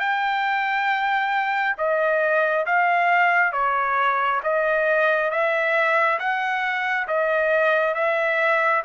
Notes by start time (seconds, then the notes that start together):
0.00 G5
1.78 D#5
2.66 F5
3.53 C#5
4.44 D#5
5.31 E5
6.19 F#5
7.08 D#5
7.95 E5